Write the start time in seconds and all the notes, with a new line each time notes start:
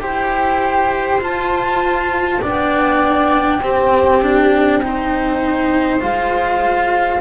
0.00 E4 G4 C5 G5
1.19 F4 A5
2.41 B3 D4 D5 G5
3.61 C4 G4
4.21 D4
4.82 D#4 C5
6.00 G#3 F4 F5